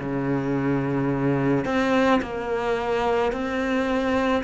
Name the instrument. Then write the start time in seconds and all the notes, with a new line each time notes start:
cello
0.00 C#3
1.65 C4
2.22 A#3
3.32 C4